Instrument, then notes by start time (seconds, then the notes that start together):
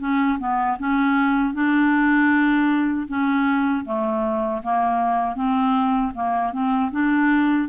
clarinet
0.00 C#4
0.40 B3
0.79 C#4
1.54 D4
3.08 C#4
3.85 A3
4.64 A#3
5.36 C4
6.14 A#3
6.53 C4
6.92 D4